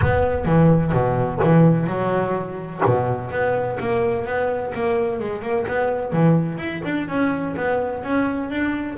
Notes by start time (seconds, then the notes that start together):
0.01 B3
0.45 E3
0.92 B2
1.43 E3
1.86 F#3
2.85 B2
3.30 B3
3.79 A#3
4.25 B3
4.74 A#3
5.19 G#3
5.42 A#3
5.67 B3
6.12 E3
6.58 E4
6.84 D4
7.08 C#4
7.56 B3
8.03 C#4
8.49 D4